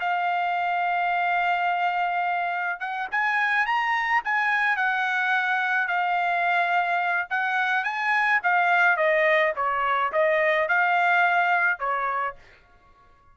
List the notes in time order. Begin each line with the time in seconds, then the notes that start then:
0.00 F5
2.80 F#5
3.11 G#5
3.66 A#5
4.24 G#5
4.76 F#5
5.88 F5
7.30 F#5
7.84 G#5
8.43 F5
8.97 D#5
9.56 C#5
10.12 D#5
10.68 F5
11.79 C#5